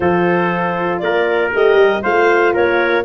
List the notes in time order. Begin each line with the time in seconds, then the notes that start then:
0.00 F3 F4 A4 C5
0.99 A#3 A#4 D5
1.53 A3 G4 D#5
1.75 G3
2.02 A3 F4 C5 F5
2.53 A#3 A#4 C#5